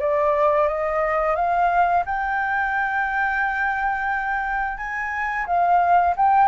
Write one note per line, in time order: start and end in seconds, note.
0.00 0.68 D5
0.68 1.36 D#5
1.36 2.04 F5
2.06 4.78 G5
4.78 5.46 G#5
5.47 6.15 F5
6.17 6.48 G5